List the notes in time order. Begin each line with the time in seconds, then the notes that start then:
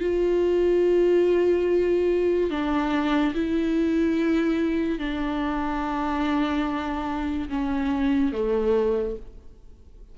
0.00 F4
2.50 D4
3.34 E4
4.98 D4
7.48 C#4
8.32 A3